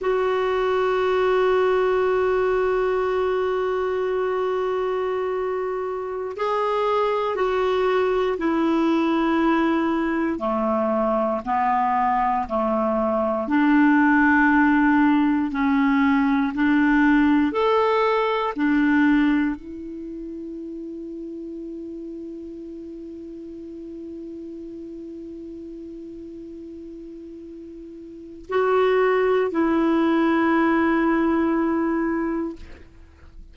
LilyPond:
\new Staff \with { instrumentName = "clarinet" } { \time 4/4 \tempo 4 = 59 fis'1~ | fis'2~ fis'16 gis'4 fis'8.~ | fis'16 e'2 a4 b8.~ | b16 a4 d'2 cis'8.~ |
cis'16 d'4 a'4 d'4 e'8.~ | e'1~ | e'1 | fis'4 e'2. | }